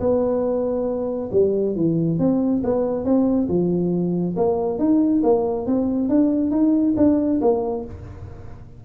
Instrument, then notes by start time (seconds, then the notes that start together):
tuba
0.00 B3
1.32 G3
1.75 E3
2.19 C4
2.64 B3
3.05 C4
3.48 F3
4.37 A#3
4.79 D#4
5.24 A#3
5.66 C4
6.09 D4
6.51 D#4
6.97 D4
7.41 A#3